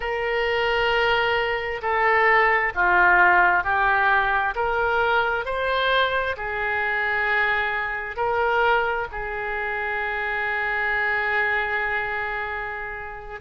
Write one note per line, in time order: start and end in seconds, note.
0.00 1.81 A#4
1.81 2.72 A4
2.74 3.63 F4
3.63 4.54 G4
4.55 5.45 A#4
5.45 6.36 C5
6.36 8.16 G#4
8.16 9.07 A#4
9.11 13.40 G#4